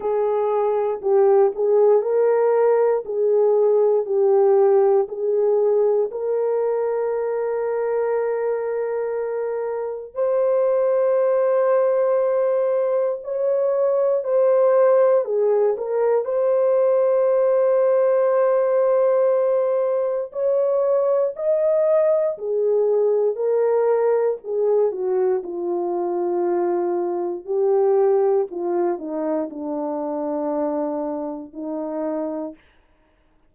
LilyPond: \new Staff \with { instrumentName = "horn" } { \time 4/4 \tempo 4 = 59 gis'4 g'8 gis'8 ais'4 gis'4 | g'4 gis'4 ais'2~ | ais'2 c''2~ | c''4 cis''4 c''4 gis'8 ais'8 |
c''1 | cis''4 dis''4 gis'4 ais'4 | gis'8 fis'8 f'2 g'4 | f'8 dis'8 d'2 dis'4 | }